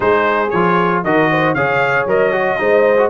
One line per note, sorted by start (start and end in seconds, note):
0.00 0.50 G#3
0.00 0.48 D#4
0.00 1.04 G#4
0.00 0.50 C5
0.50 1.04 F3
0.50 1.05 F4
0.50 1.01 C#5
1.03 1.54 D#3
1.03 1.57 F#4
1.03 1.30 A#4
1.03 1.54 D#5
1.30 1.55 C5
1.54 2.06 C#3
1.54 2.08 G#4
1.54 2.59 C#5
1.54 2.06 F5
2.06 2.57 F#3
2.06 2.32 A#4
2.06 3.10 D#5
2.32 2.57 F#4
2.57 3.10 G#3
2.57 2.96 D#4
2.57 3.10 C5
2.97 3.10 F#4